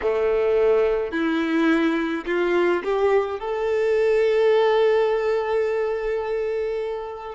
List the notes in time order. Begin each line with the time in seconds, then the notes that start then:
0.02 A3
1.11 E4
2.26 F4
2.83 G4
3.39 A4